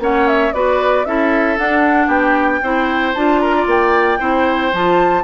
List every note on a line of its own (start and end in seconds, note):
0.00 0.52 A#3
0.00 0.53 C#4
0.00 0.54 C#5
0.00 0.28 F#5
0.28 0.53 E5
0.53 1.06 B3
0.53 1.06 F#4
0.53 1.07 B4
0.53 1.05 D5
1.05 1.58 C#4
1.05 1.58 E4
1.05 2.07 A4
1.05 1.57 E5
1.58 2.08 D4
1.58 2.63 D4
1.58 2.10 F#5
2.07 2.60 B3
2.07 2.60 G4
2.07 3.14 G5
2.63 3.15 C4
2.63 3.15 E4
2.63 3.42 C5
3.14 3.67 D4
3.14 4.20 F4
3.14 3.40 A5
3.40 3.55 A#4
3.40 3.66 A#5
3.56 4.19 D5
3.67 4.19 A#3
3.67 4.74 G5
4.19 4.73 C4
4.19 4.72 E4
4.19 5.24 C5
4.73 5.24 F3
4.73 5.24 F4
4.73 5.24 A5